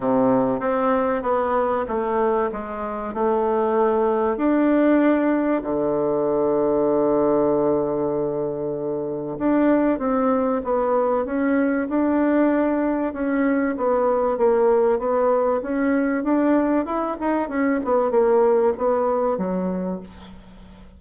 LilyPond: \new Staff \with { instrumentName = "bassoon" } { \time 4/4 \tempo 4 = 96 c4 c'4 b4 a4 | gis4 a2 d'4~ | d'4 d2.~ | d2. d'4 |
c'4 b4 cis'4 d'4~ | d'4 cis'4 b4 ais4 | b4 cis'4 d'4 e'8 dis'8 | cis'8 b8 ais4 b4 fis4 | }